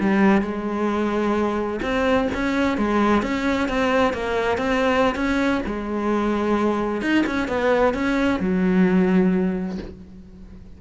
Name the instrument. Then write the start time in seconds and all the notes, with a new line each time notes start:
cello
0.00 G3
0.42 G#3
1.82 C4
2.34 C#4
2.78 G#3
3.23 C#4
3.69 C4
4.13 A#3
4.58 C4
5.15 C#4
5.66 G#3
7.02 D#4
7.27 C#4
7.48 B3
7.94 C#4
8.40 F#3